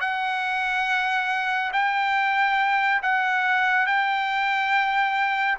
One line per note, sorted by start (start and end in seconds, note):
0.00 1.71 F#5
1.73 3.01 G5
3.02 3.86 F#5
3.86 5.58 G5